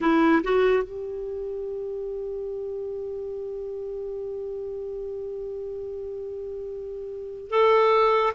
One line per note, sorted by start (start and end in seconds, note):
0.00 0.42 E4
0.43 0.83 F#4
0.83 7.50 G4
7.50 8.33 A4